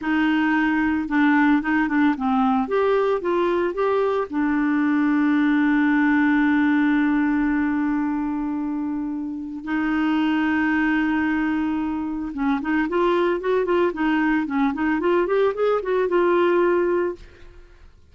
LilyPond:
\new Staff \with { instrumentName = "clarinet" } { \time 4/4 \tempo 4 = 112 dis'2 d'4 dis'8 d'8 | c'4 g'4 f'4 g'4 | d'1~ | d'1~ |
d'2 dis'2~ | dis'2. cis'8 dis'8 | f'4 fis'8 f'8 dis'4 cis'8 dis'8 | f'8 g'8 gis'8 fis'8 f'2 | }